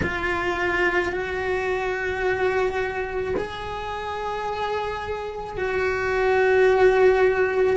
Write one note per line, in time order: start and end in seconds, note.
0.02 1.12 F4
1.12 3.34 F#4
3.36 5.57 G#4
5.57 7.76 F#4